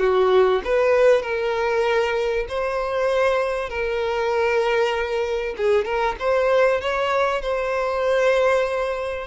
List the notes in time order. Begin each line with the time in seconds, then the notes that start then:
0.00 F#4
0.64 B4
1.22 A#4
2.49 C5
3.70 A#4
5.57 G#4
5.85 A#4
6.20 C5
6.81 C#5
7.42 C5